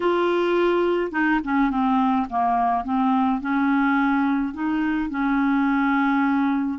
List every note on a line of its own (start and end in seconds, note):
0.00 1.11 F4
1.11 1.39 D#4
1.44 1.70 C#4
1.70 2.27 C4
2.29 2.84 A#3
2.84 3.40 C4
3.40 4.53 C#4
4.53 5.09 D#4
5.09 6.78 C#4